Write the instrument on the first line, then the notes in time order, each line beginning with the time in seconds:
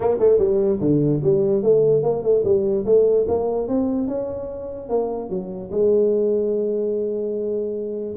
tuba
0.00 A#3
0.19 A3
0.38 G3
0.80 D3
1.23 G3
1.62 A3
2.02 A#3
2.22 A3
2.44 G3
2.85 A3
3.28 A#3
3.68 C4
4.07 C#4
4.89 A#3
5.29 F#3
5.71 G#3